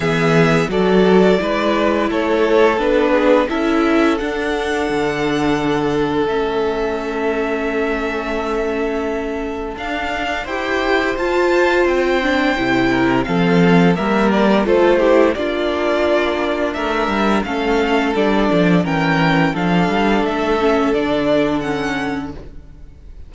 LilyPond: <<
  \new Staff \with { instrumentName = "violin" } { \time 4/4 \tempo 4 = 86 e''4 d''2 cis''4 | b'4 e''4 fis''2~ | fis''4 e''2.~ | e''2 f''4 g''4 |
a''4 g''2 f''4 | e''8 d''8 c''4 d''2 | e''4 f''4 d''4 g''4 | f''4 e''4 d''4 fis''4 | }
  \new Staff \with { instrumentName = "violin" } { \time 4/4 gis'4 a'4 b'4 a'4~ | a'8 gis'8 a'2.~ | a'1~ | a'2. c''4~ |
c''2~ c''8 ais'8 a'4 | ais'4 a'8 g'8 f'2 | ais'4 a'2 ais'4 | a'1 | }
  \new Staff \with { instrumentName = "viola" } { \time 4/4 b4 fis'4 e'2 | d'4 e'4 d'2~ | d'4 cis'2.~ | cis'2 d'4 g'4 |
f'4. d'8 e'4 c'4 | ais4 f'8 e'8 d'2~ | d'4 cis'4 d'4 cis'4 | d'4. cis'8 d'4 cis'4 | }
  \new Staff \with { instrumentName = "cello" } { \time 4/4 e4 fis4 gis4 a4 | b4 cis'4 d'4 d4~ | d4 a2.~ | a2 d'4 e'4 |
f'4 c'4 c4 f4 | g4 a4 ais2 | a8 g8 a4 g8 f8 e4 | f8 g8 a4 d2 | }
>>